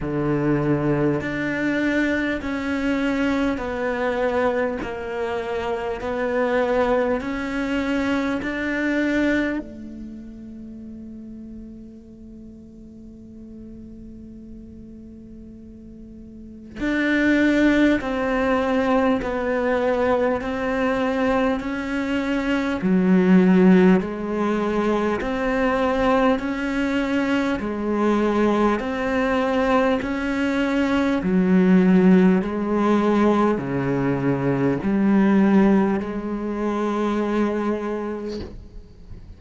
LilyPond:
\new Staff \with { instrumentName = "cello" } { \time 4/4 \tempo 4 = 50 d4 d'4 cis'4 b4 | ais4 b4 cis'4 d'4 | a1~ | a2 d'4 c'4 |
b4 c'4 cis'4 fis4 | gis4 c'4 cis'4 gis4 | c'4 cis'4 fis4 gis4 | cis4 g4 gis2 | }